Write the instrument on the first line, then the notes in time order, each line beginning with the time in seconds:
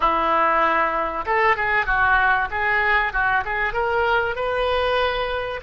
oboe
0.00 E4
1.25 A4
1.56 G#4
1.86 F#4
2.50 G#4
3.12 F#4
3.45 G#4
3.73 A#4
4.35 B4